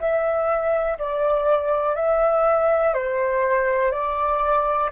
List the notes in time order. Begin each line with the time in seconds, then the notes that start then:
0.00 E5
0.98 D5
1.95 E5
2.94 C5
3.92 D5